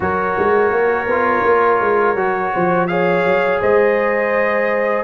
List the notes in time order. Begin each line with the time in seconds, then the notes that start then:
0.00 F#3 F#4 A#4 C#5
0.38 G#3
0.71 A#3
1.06 B3 F4
1.44 A#3
1.80 G#3
2.15 F#3 F#4
2.53 F3 C5
2.87 G#4 C#5 F5
3.24 F#3
3.61 G#3 C5 D#5